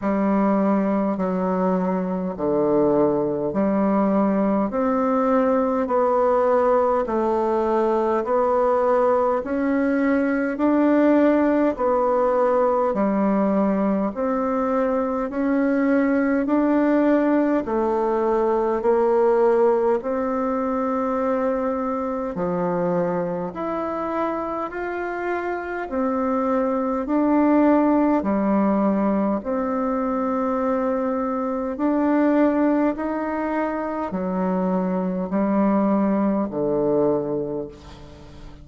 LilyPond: \new Staff \with { instrumentName = "bassoon" } { \time 4/4 \tempo 4 = 51 g4 fis4 d4 g4 | c'4 b4 a4 b4 | cis'4 d'4 b4 g4 | c'4 cis'4 d'4 a4 |
ais4 c'2 f4 | e'4 f'4 c'4 d'4 | g4 c'2 d'4 | dis'4 fis4 g4 d4 | }